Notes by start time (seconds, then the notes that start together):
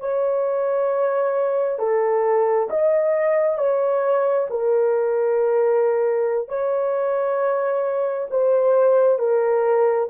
0.00 C#5
1.79 A4
2.70 D#5
3.58 C#5
4.50 A#4
6.48 C#5
8.30 C5
9.19 A#4